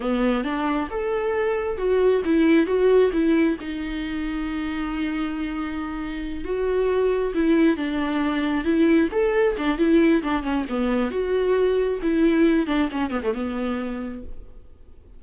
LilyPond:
\new Staff \with { instrumentName = "viola" } { \time 4/4 \tempo 4 = 135 b4 d'4 a'2 | fis'4 e'4 fis'4 e'4 | dis'1~ | dis'2~ dis'8 fis'4.~ |
fis'8 e'4 d'2 e'8~ | e'8 a'4 d'8 e'4 d'8 cis'8 | b4 fis'2 e'4~ | e'8 d'8 cis'8 b16 a16 b2 | }